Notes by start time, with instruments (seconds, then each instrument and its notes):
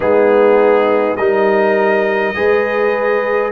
0.00 tuba G#3, trombone B3, horn D#4, trumpet G#4
1.16 tuba G3, trombone D#4, horn A#4, trumpet D#5
2.34 tuba G#3, trombone G#4, horn B4